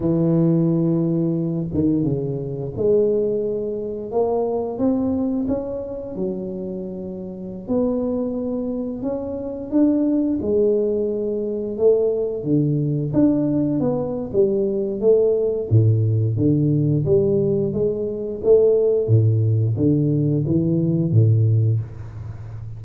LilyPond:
\new Staff \with { instrumentName = "tuba" } { \time 4/4 \tempo 4 = 88 e2~ e8 dis8 cis4 | gis2 ais4 c'4 | cis'4 fis2~ fis16 b8.~ | b4~ b16 cis'4 d'4 gis8.~ |
gis4~ gis16 a4 d4 d'8.~ | d'16 b8. g4 a4 a,4 | d4 g4 gis4 a4 | a,4 d4 e4 a,4 | }